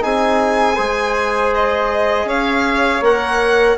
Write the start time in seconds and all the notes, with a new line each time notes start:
0.00 C4 D#4 G#4 G#5
0.75 G#3 G#4 C5
1.54 D#5
2.24 C#4 C#5 F5
3.00 A#3 A#4 F#5